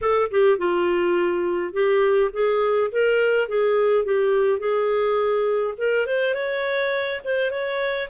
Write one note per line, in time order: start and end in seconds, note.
0.01 0.30 A4
0.30 0.58 G4
0.58 1.73 F4
1.73 2.31 G4
2.33 2.90 G#4
2.91 3.48 A#4
3.48 4.04 G#4
4.04 4.59 G4
4.59 5.74 G#4
5.77 6.06 A#4
6.06 6.34 C5
6.34 7.20 C#5
7.24 7.51 C5
7.51 8.08 C#5